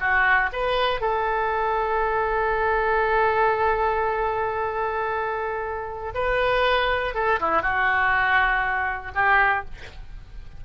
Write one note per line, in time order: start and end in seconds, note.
0.00 0.50 F#4
0.53 1.01 B4
1.01 6.13 A4
6.15 7.15 B4
7.15 7.40 A4
7.40 7.62 E4
7.62 9.12 F#4
9.15 9.65 G4